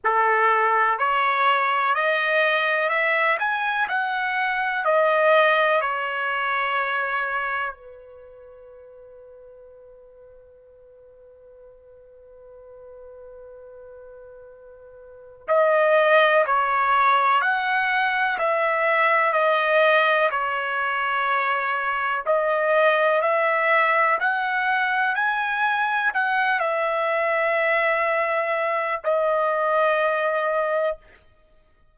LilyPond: \new Staff \with { instrumentName = "trumpet" } { \time 4/4 \tempo 4 = 62 a'4 cis''4 dis''4 e''8 gis''8 | fis''4 dis''4 cis''2 | b'1~ | b'1 |
dis''4 cis''4 fis''4 e''4 | dis''4 cis''2 dis''4 | e''4 fis''4 gis''4 fis''8 e''8~ | e''2 dis''2 | }